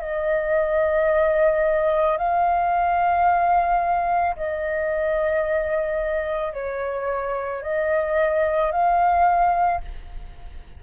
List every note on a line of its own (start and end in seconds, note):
0.00 2.18 D#5
2.18 4.36 F5
4.36 6.54 D#5
6.54 7.63 C#5
7.63 8.72 D#5
8.72 9.81 F5